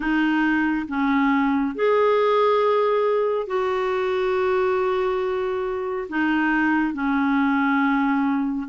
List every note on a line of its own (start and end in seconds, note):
0.00 0.86 D#4
0.88 1.75 C#4
1.75 3.47 G#4
3.47 6.08 F#4
6.09 6.93 D#4
6.93 8.67 C#4